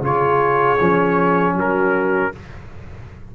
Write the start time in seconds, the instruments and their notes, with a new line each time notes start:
0.00 tuba C#3, trombone F4, horn G#4, trumpet C#5
0.80 tuba F3, trombone C#4
1.54 tuba F#3, horn F#4, trumpet A#4